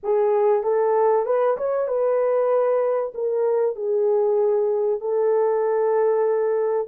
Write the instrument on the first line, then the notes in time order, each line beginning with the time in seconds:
horn
0.03 G#4
0.62 A4
1.25 B4
1.57 C#5
1.87 B4
3.14 A#4
3.75 G#4
5.00 A4